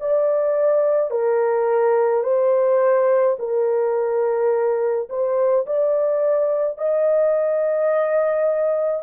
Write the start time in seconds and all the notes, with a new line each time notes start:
0.00 D5
1.11 A#4
2.23 C5
3.39 A#4
5.09 C5
5.66 D5
6.78 D#5